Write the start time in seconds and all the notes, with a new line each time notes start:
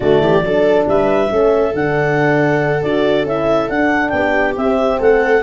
0.00 D3 A3 F#4 D5
0.20 E3 G4
0.41 F#3 D4 A4
0.87 G3 B4 E5
1.30 A3 C#4 A4
1.73 D3 D4 F#5
2.82 D4 F#4 D5
3.24 C#4 E4 E5
3.68 D4 F#5
4.09 B3 G5
4.15 G4
4.55 C4 E5
4.99 A3 A4 F#5